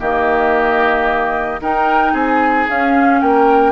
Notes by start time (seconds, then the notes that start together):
0.00 D#3 A#3 G4 D#5
1.61 D#4 A#4 G5
2.13 C4 G#4 G#5
2.69 C#4 F5
3.21 A#3 A#4 G5